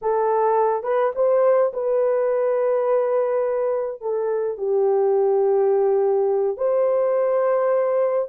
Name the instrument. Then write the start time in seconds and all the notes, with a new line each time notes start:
horn
0.01 A4
0.83 B4
1.15 C5
1.73 B4
4.01 A4
4.57 G4
6.57 C5